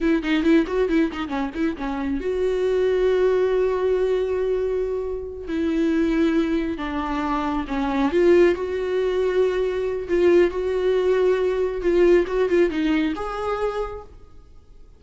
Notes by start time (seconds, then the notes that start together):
0.00 E4
0.22 D#4
0.43 E4
0.66 F#4
0.89 E4
1.12 D#4
1.28 C#4
1.54 E4
1.77 C#4
2.20 F#4
5.47 E4
6.77 D4
7.67 C#4
8.11 F4
8.54 F#4
10.08 F4
10.50 F#4
11.81 F4
12.27 F#4
12.49 F4
12.69 D#4
13.15 G#4